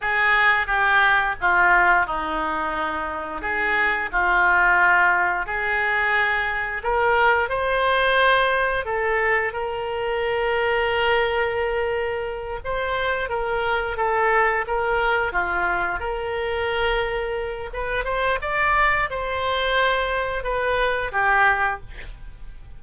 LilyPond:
\new Staff \with { instrumentName = "oboe" } { \time 4/4 \tempo 4 = 88 gis'4 g'4 f'4 dis'4~ | dis'4 gis'4 f'2 | gis'2 ais'4 c''4~ | c''4 a'4 ais'2~ |
ais'2~ ais'8 c''4 ais'8~ | ais'8 a'4 ais'4 f'4 ais'8~ | ais'2 b'8 c''8 d''4 | c''2 b'4 g'4 | }